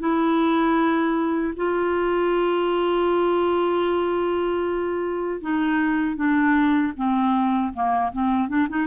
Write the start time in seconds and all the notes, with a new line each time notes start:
0.00 E4
1.56 F4
5.41 D#4
6.16 D4
6.97 C4
7.74 A#3
8.13 C4
8.49 D4
8.70 D#4